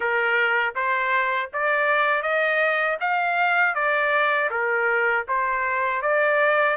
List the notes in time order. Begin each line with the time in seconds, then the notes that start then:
0.00 A#4
0.75 C5
1.53 D5
2.22 D#5
3.00 F5
3.74 D5
4.50 A#4
5.27 C5
6.02 D5